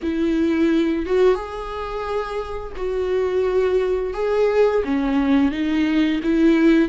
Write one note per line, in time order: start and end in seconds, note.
0.02 1.05 E4
1.06 1.34 F#4
1.34 2.72 G#4
2.76 4.13 F#4
4.13 4.82 G#4
4.84 5.51 C#4
5.51 6.20 D#4
6.23 6.88 E4